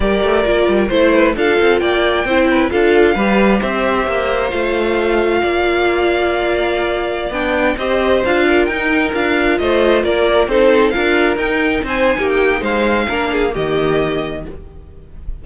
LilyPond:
<<
  \new Staff \with { instrumentName = "violin" } { \time 4/4 \tempo 4 = 133 d''2 c''4 f''4 | g''2 f''2 | e''2 f''2~ | f''1~ |
f''16 g''4 dis''4 f''4 g''8.~ | g''16 f''4 dis''4 d''4 c''8.~ | c''16 f''4 g''4 gis''4 g''8. | f''2 dis''2 | }
  \new Staff \with { instrumentName = "violin" } { \time 4/4 ais'2 c''8 b'8 a'4 | d''4 c''8 b'8 a'4 b'4 | c''1 | d''1~ |
d''4~ d''16 c''4. ais'4~ ais'16~ | ais'4~ ais'16 c''4 ais'4 a'8.~ | a'16 ais'2 c''8. g'4 | c''4 ais'8 gis'8 g'2 | }
  \new Staff \with { instrumentName = "viola" } { \time 4/4 g'4 f'4 e'4 f'4~ | f'4 e'4 f'4 g'4~ | g'2 f'2~ | f'1~ |
f'16 d'4 g'4 f'4 dis'8.~ | dis'16 f'2. dis'8.~ | dis'16 f'4 dis'2~ dis'8.~ | dis'4 d'4 ais2 | }
  \new Staff \with { instrumentName = "cello" } { \time 4/4 g8 a8 ais8 g8 a4 d'8 c'8 | ais4 c'4 d'4 g4 | c'4 ais4 a2 | ais1~ |
ais16 b4 c'4 d'4 dis'8.~ | dis'16 d'4 a4 ais4 c'8.~ | c'16 d'4 dis'4 c'8. ais4 | gis4 ais4 dis2 | }
>>